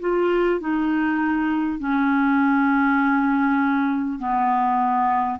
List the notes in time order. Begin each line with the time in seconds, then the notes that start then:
0.00 F4
0.60 D#4
1.79 C#4
4.19 B3